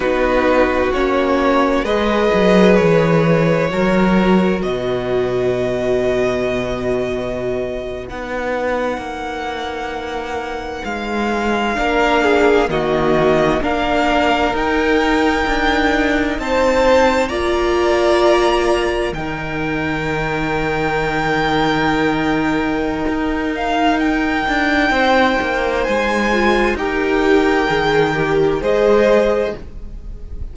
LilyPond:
<<
  \new Staff \with { instrumentName = "violin" } { \time 4/4 \tempo 4 = 65 b'4 cis''4 dis''4 cis''4~ | cis''4 dis''2.~ | dis''8. fis''2. f''16~ | f''4.~ f''16 dis''4 f''4 g''16~ |
g''4.~ g''16 a''4 ais''4~ ais''16~ | ais''8. g''2.~ g''16~ | g''4. f''8 g''2 | gis''4 g''2 dis''4 | }
  \new Staff \with { instrumentName = "violin" } { \time 4/4 fis'2 b'2 | ais'4 b'2.~ | b'1~ | b'8. ais'8 gis'8 fis'4 ais'4~ ais'16~ |
ais'4.~ ais'16 c''4 d''4~ d''16~ | d''8. ais'2.~ ais'16~ | ais'2. c''4~ | c''4 ais'2 c''4 | }
  \new Staff \with { instrumentName = "viola" } { \time 4/4 dis'4 cis'4 gis'2 | fis'1~ | fis'8. dis'2.~ dis'16~ | dis'8. d'4 ais4 d'4 dis'16~ |
dis'2~ dis'8. f'4~ f'16~ | f'8. dis'2.~ dis'16~ | dis'1~ | dis'8 f'8 g'4 gis'8 g'8 gis'4 | }
  \new Staff \with { instrumentName = "cello" } { \time 4/4 b4 ais4 gis8 fis8 e4 | fis4 b,2.~ | b,8. b4 ais2 gis16~ | gis8. ais4 dis4 ais4 dis'16~ |
dis'8. d'4 c'4 ais4~ ais16~ | ais8. dis2.~ dis16~ | dis4 dis'4. d'8 c'8 ais8 | gis4 dis'4 dis4 gis4 | }
>>